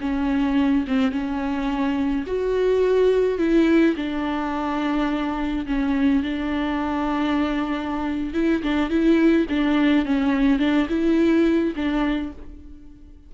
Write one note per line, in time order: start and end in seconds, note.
0.00 0.85 C#4
0.87 1.11 C4
1.11 2.24 C#4
2.26 3.38 F#4
3.38 3.95 E4
3.96 5.66 D4
5.66 6.22 C#4
6.23 8.33 D4
8.33 8.62 E4
8.62 8.89 D4
8.89 9.46 E4
9.49 10.05 D4
10.05 10.59 C#4
10.59 10.87 D4
10.89 11.73 E4
11.75 12.32 D4